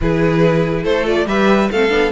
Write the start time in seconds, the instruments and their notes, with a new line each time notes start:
0.01 cello E3, viola E4, violin G#4 B4
0.83 cello A3, violin A4 C5
1.05 viola F4, violin D5
1.26 cello G3, viola G4, violin B4 E5
1.71 cello A3, viola C4, violin A4 F5
1.89 cello B3, viola D4